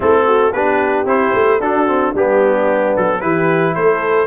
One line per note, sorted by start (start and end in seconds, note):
0.00 0.53 A3
0.00 0.52 C4
0.00 0.25 E4
0.00 0.53 A4
0.27 0.54 F#4
0.53 1.05 B3
0.53 1.06 D4
0.53 1.60 G4
0.53 1.06 B4
1.05 1.32 C4
1.05 1.59 E4
1.05 1.61 C5
1.33 1.59 A3
1.59 2.13 D4
1.59 1.87 D4
1.59 2.12 F#4
1.59 2.14 A4
1.87 2.14 C4
2.12 2.94 G3
2.12 3.20 B3
2.12 3.19 D4
2.12 2.96 G4
2.96 3.22 F#3
2.96 3.20 A4
3.20 3.76 E3
3.20 4.27 E4
3.20 3.75 G4
3.20 3.74 B4
3.74 4.27 A3
3.74 4.27 A4
3.74 4.27 C5